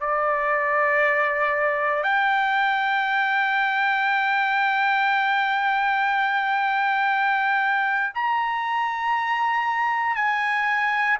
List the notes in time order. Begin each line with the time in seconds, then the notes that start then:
0.00 D5
2.03 G5
8.14 A#5
10.16 G#5